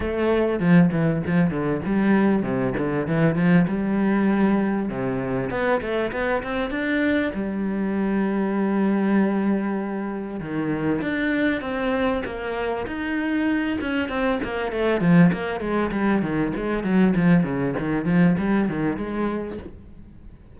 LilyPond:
\new Staff \with { instrumentName = "cello" } { \time 4/4 \tempo 4 = 98 a4 f8 e8 f8 d8 g4 | c8 d8 e8 f8 g2 | c4 b8 a8 b8 c'8 d'4 | g1~ |
g4 dis4 d'4 c'4 | ais4 dis'4. cis'8 c'8 ais8 | a8 f8 ais8 gis8 g8 dis8 gis8 fis8 | f8 cis8 dis8 f8 g8 dis8 gis4 | }